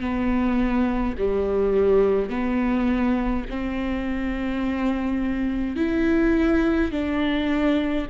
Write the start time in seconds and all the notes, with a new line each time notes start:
0.00 B3
1.18 G3
2.30 B3
3.50 C4
5.76 E4
6.92 D4